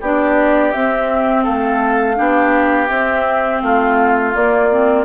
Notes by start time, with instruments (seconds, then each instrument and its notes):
0.00 bassoon B3, clarinet D4, oboe G4, flute D5
0.71 clarinet C4, bassoon C4, flute E5
1.43 bassoon A3, oboe A4, flute F5
2.15 bassoon B3, clarinet D4, oboe G4
2.88 bassoon C4, clarinet C4, flute E5
3.61 bassoon A3, oboe F4, flute F5
4.33 clarinet A#3, bassoon A#3, flute D5
4.70 clarinet C4